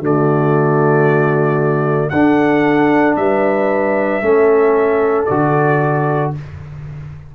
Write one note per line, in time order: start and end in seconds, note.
0.00 2.11 D3
0.00 2.12 A3
0.00 2.11 F#4
0.00 2.10 D5
2.10 3.16 D4
2.10 4.22 D4
2.10 3.18 A4
2.10 3.15 F#5
3.16 4.21 G3
3.16 4.25 B4
3.16 5.25 E5
4.21 5.27 A3
4.21 5.27 C#4
4.21 6.35 A4
5.25 6.35 D3
5.25 6.35 F#4
5.25 6.31 D5